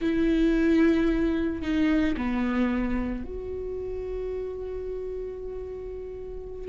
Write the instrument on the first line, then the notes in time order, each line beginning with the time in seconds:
viola
0.01 E4
1.61 D#4
2.16 B3
3.23 F#4